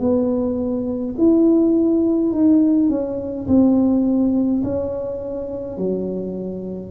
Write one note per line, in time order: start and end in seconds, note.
0.00 1.15 B3
1.19 2.32 E4
2.32 2.90 D#4
2.90 3.47 C#4
3.48 4.63 C4
4.64 5.77 C#4
5.77 6.91 F#3